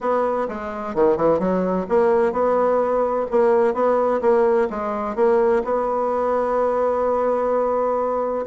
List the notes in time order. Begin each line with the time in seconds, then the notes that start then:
0.00 B3
0.48 G#3
0.94 D#3
1.16 E3
1.39 F#3
1.88 A#3
2.32 B3
3.30 A#3
3.74 B3
4.21 A#3
4.70 G#3
5.15 A#3
5.64 B3